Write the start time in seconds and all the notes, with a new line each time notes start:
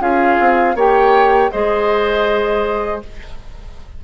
0.00 C#4 F4 G#4 F5
0.40 C4
0.75 A#3 G4 C#5 G5
1.52 G#3 G#4 C5 D#5